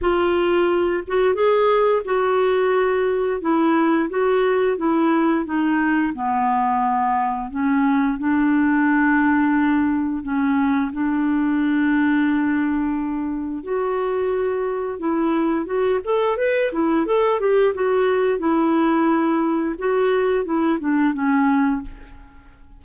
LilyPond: \new Staff \with { instrumentName = "clarinet" } { \time 4/4 \tempo 4 = 88 f'4. fis'8 gis'4 fis'4~ | fis'4 e'4 fis'4 e'4 | dis'4 b2 cis'4 | d'2. cis'4 |
d'1 | fis'2 e'4 fis'8 a'8 | b'8 e'8 a'8 g'8 fis'4 e'4~ | e'4 fis'4 e'8 d'8 cis'4 | }